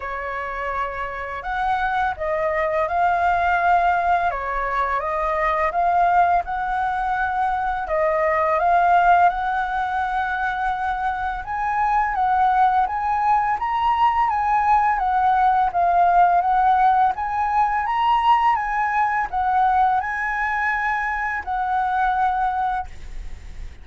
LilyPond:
\new Staff \with { instrumentName = "flute" } { \time 4/4 \tempo 4 = 84 cis''2 fis''4 dis''4 | f''2 cis''4 dis''4 | f''4 fis''2 dis''4 | f''4 fis''2. |
gis''4 fis''4 gis''4 ais''4 | gis''4 fis''4 f''4 fis''4 | gis''4 ais''4 gis''4 fis''4 | gis''2 fis''2 | }